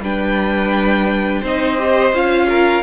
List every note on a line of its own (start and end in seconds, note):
0.00 1.41 G3
0.00 1.44 D4
0.00 1.41 B4
0.00 1.45 G5
1.41 2.12 C4
1.41 1.78 D#4
1.41 2.47 C5
1.41 2.15 D#5
1.78 2.13 G4
2.12 2.83 C#4
2.12 2.83 F4
2.12 2.83 F5
2.49 2.83 A#4